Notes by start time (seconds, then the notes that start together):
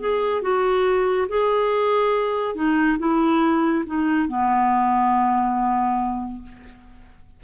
0.00 G#4
0.42 F#4
1.29 G#4
2.55 D#4
2.98 E4
3.86 D#4
4.28 B3